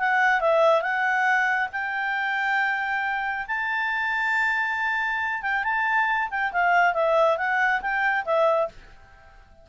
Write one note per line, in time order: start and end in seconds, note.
0.00 0.41 F#5
0.41 0.82 E5
0.82 1.69 F#5
1.73 3.46 G5
3.48 5.42 A5
5.42 5.64 G5
5.64 6.30 A5
6.31 6.52 G5
6.53 6.94 F5
6.94 7.38 E5
7.38 7.81 F#5
7.82 8.25 G5
8.26 8.69 E5